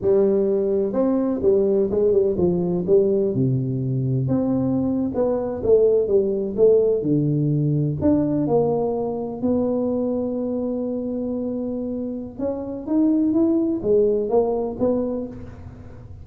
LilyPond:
\new Staff \with { instrumentName = "tuba" } { \time 4/4 \tempo 4 = 126 g2 c'4 g4 | gis8 g8 f4 g4 c4~ | c4 c'4.~ c'16 b4 a16~ | a8. g4 a4 d4~ d16~ |
d8. d'4 ais2 b16~ | b1~ | b2 cis'4 dis'4 | e'4 gis4 ais4 b4 | }